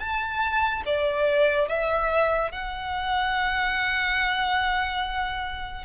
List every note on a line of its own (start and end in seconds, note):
0.00 0.83 A5
0.86 1.69 D5
1.69 2.52 E5
2.52 5.85 F#5